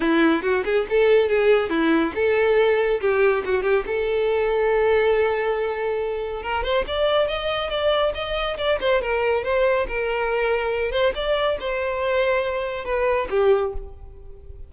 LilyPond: \new Staff \with { instrumentName = "violin" } { \time 4/4 \tempo 4 = 140 e'4 fis'8 gis'8 a'4 gis'4 | e'4 a'2 g'4 | fis'8 g'8 a'2.~ | a'2. ais'8 c''8 |
d''4 dis''4 d''4 dis''4 | d''8 c''8 ais'4 c''4 ais'4~ | ais'4. c''8 d''4 c''4~ | c''2 b'4 g'4 | }